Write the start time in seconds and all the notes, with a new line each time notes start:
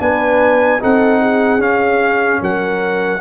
0.00 B3 D4 B4 G#5
0.81 C4 D#4 A4 F#5
1.21 G#4
1.59 C#4 F5
2.42 F#3 A#4 F#5